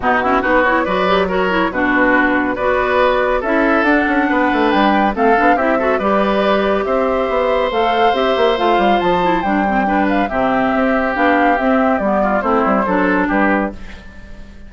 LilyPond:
<<
  \new Staff \with { instrumentName = "flute" } { \time 4/4 \tempo 4 = 140 fis'4 b'8 cis''8 d''4 cis''4 | b'2 d''2 | e''4 fis''2 g''4 | f''4 e''4 d''2 |
e''2 f''4 e''4 | f''4 a''4 g''4. f''8 | e''2 f''4 e''4 | d''4 c''2 b'4 | }
  \new Staff \with { instrumentName = "oboe" } { \time 4/4 dis'8 e'8 fis'4 b'4 ais'4 | fis'2 b'2 | a'2 b'2 | a'4 g'8 a'8 b'2 |
c''1~ | c''2. b'4 | g'1~ | g'8 f'8 e'4 a'4 g'4 | }
  \new Staff \with { instrumentName = "clarinet" } { \time 4/4 b8 cis'8 dis'8 e'8 fis'8 g'8 fis'8 e'8 | d'2 fis'2 | e'4 d'2. | c'8 d'8 e'8 fis'8 g'2~ |
g'2 a'4 g'4 | f'4. e'8 d'8 c'8 d'4 | c'2 d'4 c'4 | b4 c'4 d'2 | }
  \new Staff \with { instrumentName = "bassoon" } { \time 4/4 b,4 b4 fis2 | b,2 b2 | cis'4 d'8 cis'8 b8 a8 g4 | a8 b8 c'4 g2 |
c'4 b4 a4 c'8 ais8 | a8 g8 f4 g2 | c4 c'4 b4 c'4 | g4 a8 g8 fis4 g4 | }
>>